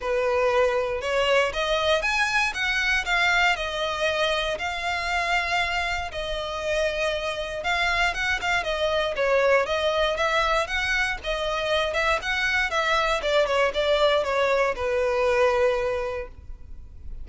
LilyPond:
\new Staff \with { instrumentName = "violin" } { \time 4/4 \tempo 4 = 118 b'2 cis''4 dis''4 | gis''4 fis''4 f''4 dis''4~ | dis''4 f''2. | dis''2. f''4 |
fis''8 f''8 dis''4 cis''4 dis''4 | e''4 fis''4 dis''4. e''8 | fis''4 e''4 d''8 cis''8 d''4 | cis''4 b'2. | }